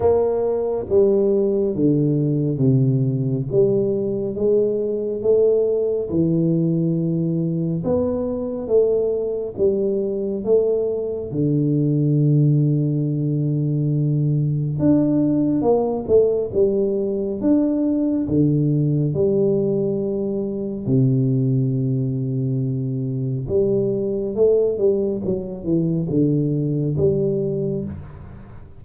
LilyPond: \new Staff \with { instrumentName = "tuba" } { \time 4/4 \tempo 4 = 69 ais4 g4 d4 c4 | g4 gis4 a4 e4~ | e4 b4 a4 g4 | a4 d2.~ |
d4 d'4 ais8 a8 g4 | d'4 d4 g2 | c2. g4 | a8 g8 fis8 e8 d4 g4 | }